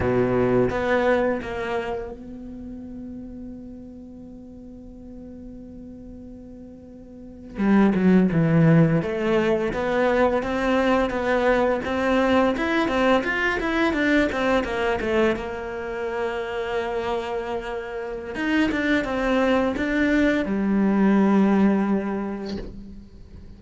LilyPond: \new Staff \with { instrumentName = "cello" } { \time 4/4 \tempo 4 = 85 b,4 b4 ais4 b4~ | b1~ | b2~ b8. g8 fis8 e16~ | e8. a4 b4 c'4 b16~ |
b8. c'4 e'8 c'8 f'8 e'8 d'16~ | d'16 c'8 ais8 a8 ais2~ ais16~ | ais2 dis'8 d'8 c'4 | d'4 g2. | }